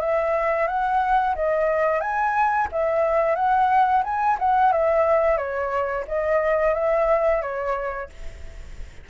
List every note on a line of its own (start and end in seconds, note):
0.00 0.67 E5
0.67 1.35 F#5
1.35 2.00 D#5
2.00 2.68 G#5
2.72 3.35 E5
3.35 4.03 F#5
4.04 4.38 G#5
4.39 4.72 F#5
4.72 5.37 E5
5.37 6.05 C#5
6.07 6.74 D#5
6.74 7.42 E5
7.42 8.09 C#5